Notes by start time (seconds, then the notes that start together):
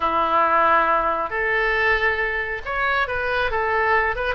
0.00 E4
1.30 A4
2.65 C#5
3.07 B4
3.50 A4
4.15 B4